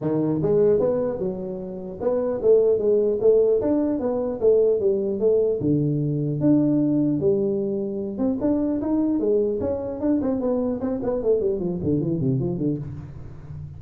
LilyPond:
\new Staff \with { instrumentName = "tuba" } { \time 4/4 \tempo 4 = 150 dis4 gis4 b4 fis4~ | fis4 b4 a4 gis4 | a4 d'4 b4 a4 | g4 a4 d2 |
d'2 g2~ | g8 c'8 d'4 dis'4 gis4 | cis'4 d'8 c'8 b4 c'8 b8 | a8 g8 f8 d8 e8 c8 f8 d8 | }